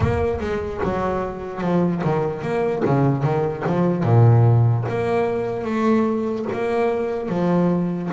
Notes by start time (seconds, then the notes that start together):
0.00 A#3
0.40 G#3
0.83 F#3
1.61 F3
2.03 D#3
2.42 A#3
2.85 C#3
3.23 D#3
3.66 F3
4.03 A#2
4.88 A#3
5.64 A3
6.52 A#3
7.29 F3